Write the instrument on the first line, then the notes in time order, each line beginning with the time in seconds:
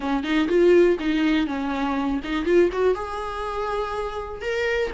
viola
0.00 C#4
0.23 D#4
0.48 F4
0.99 D#4
1.46 C#4
2.24 D#4
2.45 F4
2.72 F#4
2.94 G#4
4.41 A#4